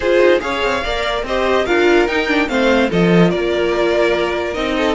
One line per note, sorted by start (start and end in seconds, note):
0.00 0.19 F4
0.00 0.40 F4
0.00 0.41 G#4
0.00 0.40 C5
0.19 0.40 D#4
0.40 0.62 C#4
0.40 0.81 G#4
0.40 0.83 C#5
0.40 1.23 F5
0.63 0.84 C4
0.83 1.23 A#3
0.83 1.27 A#4
0.83 1.24 D5
1.23 1.64 C4
1.23 1.66 G4
1.23 1.65 C5
1.23 1.66 D#5
1.65 2.07 D4
1.65 2.08 F4
1.65 2.48 A#4
1.65 2.07 F5
2.07 2.48 D#4
2.07 2.27 D#4
2.07 2.48 G5
2.27 2.47 D4
2.47 2.90 A3
2.47 2.89 C4
2.47 2.89 C5
2.47 2.89 F5
2.89 3.32 F3
2.89 4.53 F4
2.89 3.30 A4
2.89 3.30 D#5
3.30 4.56 A#3
3.30 4.75 A#4
3.30 4.53 D5
4.53 4.95 C4
4.53 4.95 D#4
4.53 4.95 D#5
4.77 4.95 A4